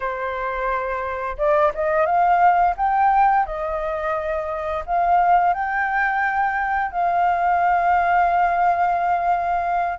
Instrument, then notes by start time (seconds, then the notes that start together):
flute
0.00 C5
1.37 D5
1.74 D#5
2.05 F5
2.76 G5
3.45 D#5
4.86 F5
5.53 G5
6.91 F5